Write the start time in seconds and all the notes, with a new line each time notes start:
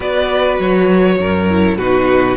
0.00 B3 F#4 B4 D5
0.59 F#3 C#5
1.19 F#2 A#4
1.49 E4
1.77 B2 D#4 F#4 B4